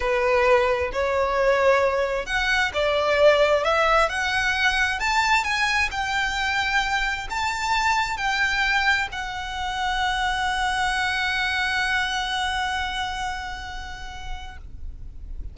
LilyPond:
\new Staff \with { instrumentName = "violin" } { \time 4/4 \tempo 4 = 132 b'2 cis''2~ | cis''4 fis''4 d''2 | e''4 fis''2 a''4 | gis''4 g''2. |
a''2 g''2 | fis''1~ | fis''1~ | fis''1 | }